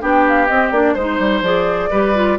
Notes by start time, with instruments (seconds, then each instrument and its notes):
0.00 bassoon B3, clarinet D4, oboe G4, flute G5
0.28 flute F5
0.47 bassoon C4, clarinet C4, flute D#5
0.71 bassoon A#3, clarinet D4, flute D5
0.94 bassoon G#3, clarinet D#4, flute C5, oboe C5
1.19 bassoon G3
1.41 bassoon F3, clarinet G#4, flute D5
1.90 bassoon G3, clarinet G4, oboe B4
2.15 clarinet F4